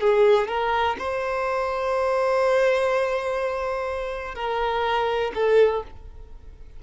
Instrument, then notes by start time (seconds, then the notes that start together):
violin
0.00 G#4
0.48 A#4
0.98 C5
4.35 A#4
5.34 A4